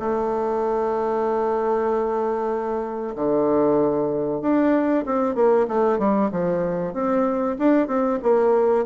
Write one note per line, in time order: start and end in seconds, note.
0.00 3.16 A3
3.16 4.42 D3
4.42 5.05 D4
5.06 5.36 C4
5.36 5.67 A#3
5.68 5.99 A3
5.99 6.31 G3
6.32 6.94 F3
6.94 7.57 C4
7.59 7.88 D4
7.88 8.19 C4
8.23 8.86 A#3